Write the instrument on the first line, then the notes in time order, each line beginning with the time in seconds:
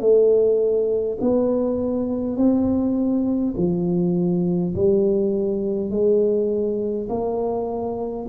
tuba
0.00 A3
1.20 B3
2.36 C4
3.57 F3
4.74 G3
5.90 G#3
7.09 A#3